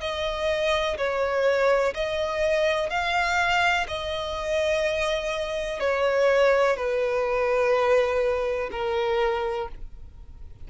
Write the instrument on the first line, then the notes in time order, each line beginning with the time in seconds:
violin
0.00 D#5
0.97 C#5
1.94 D#5
2.89 F5
3.87 D#5
5.79 C#5
6.76 B4
8.71 A#4